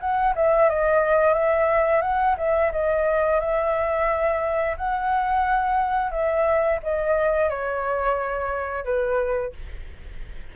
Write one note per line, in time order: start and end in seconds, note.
0.00 0.34 F#5
0.36 0.69 E5
0.69 1.34 D#5
1.34 2.02 E5
2.02 2.36 F#5
2.37 2.71 E5
2.72 3.40 D#5
3.40 4.76 E5
4.77 6.11 F#5
6.11 6.79 E5
6.83 7.50 D#5
7.50 8.85 C#5
8.85 9.53 B4